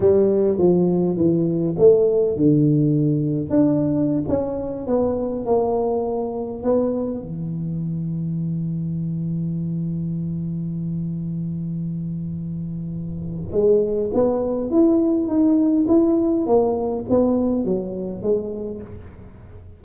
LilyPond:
\new Staff \with { instrumentName = "tuba" } { \time 4/4 \tempo 4 = 102 g4 f4 e4 a4 | d2 d'4~ d'16 cis'8.~ | cis'16 b4 ais2 b8.~ | b16 e2.~ e8.~ |
e1~ | e2. gis4 | b4 e'4 dis'4 e'4 | ais4 b4 fis4 gis4 | }